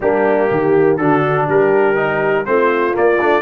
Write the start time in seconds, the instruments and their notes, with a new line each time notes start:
0.00 tuba G3, trombone A#3, horn D4, trumpet G4
0.50 tuba D#3, horn G4
0.96 tuba D3, trombone D4, horn F#4, trumpet A4
1.45 tuba G3, horn G4, trumpet A#4
1.95 trombone D#4
2.45 tuba A3, trombone C4, horn F4, trumpet C5
2.93 trombone A#3, tuba A#3, trumpet D5
3.20 tuba A3, trombone D4